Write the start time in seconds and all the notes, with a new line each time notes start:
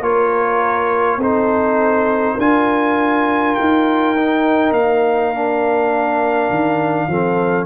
0.00 A#3 F4 A#4 C#5
1.17 C4 D#4 A4 C5
2.35 D4 F4 A#4 G#5
3.55 D#4 G5
4.17 D#4
4.72 A#3 F5
5.34 D4
6.50 D#3
7.07 F3 C4 A4